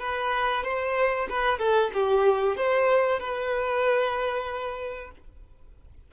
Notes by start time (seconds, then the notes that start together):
0.00 B4
0.64 C5
1.30 B4
1.59 A4
1.94 G4
2.57 C5
3.20 B4